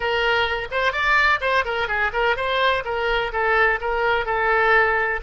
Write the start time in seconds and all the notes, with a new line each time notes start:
0.00 A#4
0.71 C5
0.92 D5
1.40 C5
1.64 A#4
1.87 G#4
2.13 A#4
2.36 C5
2.85 A#4
3.32 A4
3.80 A#4
4.25 A4